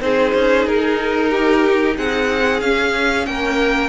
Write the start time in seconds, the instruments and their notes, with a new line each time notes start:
0.00 cello C4, viola D#4, violin G#4 C5
0.35 cello C#4
0.67 cello D#4, violin A#4
1.30 violin G4
1.97 cello C4, violin G#4 F#5
2.61 cello C#4, viola C#4, violin F5
3.26 cello A#3, violin A#4 G5